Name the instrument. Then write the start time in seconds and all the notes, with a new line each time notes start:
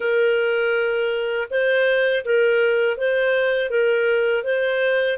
clarinet
0.00 A#4
1.50 C5
2.25 A#4
2.97 C5
3.70 A#4
4.43 C5